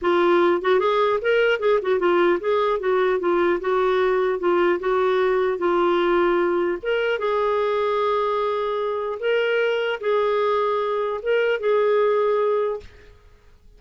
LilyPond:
\new Staff \with { instrumentName = "clarinet" } { \time 4/4 \tempo 4 = 150 f'4. fis'8 gis'4 ais'4 | gis'8 fis'8 f'4 gis'4 fis'4 | f'4 fis'2 f'4 | fis'2 f'2~ |
f'4 ais'4 gis'2~ | gis'2. ais'4~ | ais'4 gis'2. | ais'4 gis'2. | }